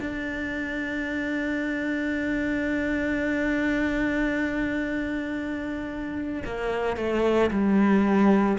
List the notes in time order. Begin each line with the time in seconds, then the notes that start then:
0.00 D4
6.45 A#3
6.96 A3
7.50 G3